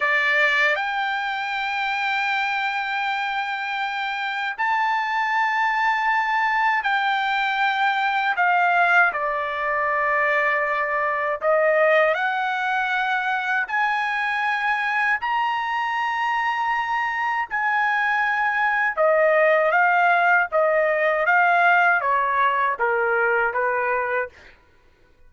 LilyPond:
\new Staff \with { instrumentName = "trumpet" } { \time 4/4 \tempo 4 = 79 d''4 g''2.~ | g''2 a''2~ | a''4 g''2 f''4 | d''2. dis''4 |
fis''2 gis''2 | ais''2. gis''4~ | gis''4 dis''4 f''4 dis''4 | f''4 cis''4 ais'4 b'4 | }